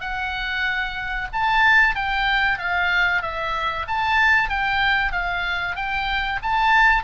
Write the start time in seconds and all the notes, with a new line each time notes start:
0.00 F#5
1.33 A5
1.95 G5
2.58 F5
3.22 E5
3.87 A5
4.49 G5
5.12 F5
5.75 G5
6.42 A5